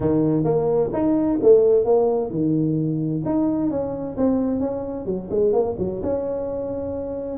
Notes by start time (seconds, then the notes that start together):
0.00 D#3
0.43 A#3
0.92 D#4
1.42 A3
1.84 A#3
2.30 D#3
3.25 D#4
3.70 C#4
4.17 C4
4.60 C#4
5.05 F#3
5.30 G#3
5.53 A#3
5.78 F#3
6.03 C#4